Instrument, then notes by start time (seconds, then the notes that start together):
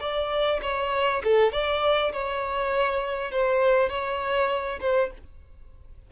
violin
0.00 D5
0.62 C#5
1.23 A4
1.52 D5
2.12 C#5
3.31 C5
3.89 C#5
4.80 C5